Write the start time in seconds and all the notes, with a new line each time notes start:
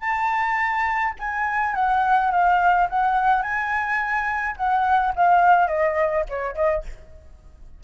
0.00 A5
1.19 G#5
1.74 F#5
2.31 F5
2.89 F#5
3.42 G#5
4.57 F#5
5.15 F5
5.67 D#5
6.29 C#5
6.55 D#5